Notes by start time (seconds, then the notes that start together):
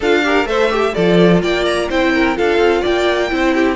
0.00 D4 F4 A4 F5
0.23 G4 A#4
0.45 A3 A4 C5 E5
0.70 G4
0.94 F3 F4 A4 D5
1.42 A#3 D5 G5
1.65 A#5
1.89 C4 E4 C5 G5
2.13 A#4
2.35 D4 F4 A4 F5
2.58 C4
2.81 A#3 D5 G5
3.29 C4 E4 C5
3.54 G4